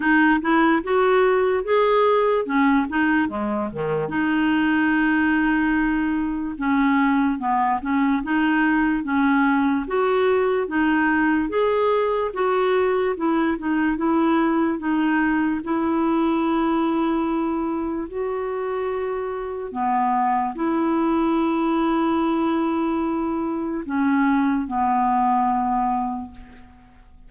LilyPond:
\new Staff \with { instrumentName = "clarinet" } { \time 4/4 \tempo 4 = 73 dis'8 e'8 fis'4 gis'4 cis'8 dis'8 | gis8 dis8 dis'2. | cis'4 b8 cis'8 dis'4 cis'4 | fis'4 dis'4 gis'4 fis'4 |
e'8 dis'8 e'4 dis'4 e'4~ | e'2 fis'2 | b4 e'2.~ | e'4 cis'4 b2 | }